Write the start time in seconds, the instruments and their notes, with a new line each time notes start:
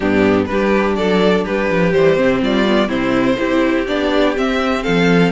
0.00 cello G2, viola B3, violin D4 G4
0.45 cello G3, viola D4, violin G4 B4
0.96 cello F#3, violin A4 D5
1.44 cello G3, violin G4 B4
1.70 cello F3
1.93 cello E3, viola G3, violin C5
2.16 cello C3, viola C4
2.41 cello G3, violin F4 D5
2.66 viola B3
2.87 cello C3, viola C4, violin E4 C5
3.37 cello C4, viola E4, violin G4
3.86 cello B3, viola D4, violin D5
4.36 viola C4, cello C4, violin E5
4.83 cello F3, violin A4 F5